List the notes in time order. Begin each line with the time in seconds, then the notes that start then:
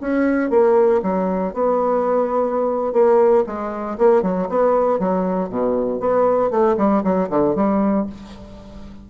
0.00 C#4
0.50 A#3
1.02 F#3
1.53 B3
2.93 A#3
3.46 G#3
3.98 A#3
4.22 F#3
4.49 B3
4.99 F#3
5.49 B2
6.00 B3
6.50 A3
6.77 G3
7.03 F#3
7.29 D3
7.55 G3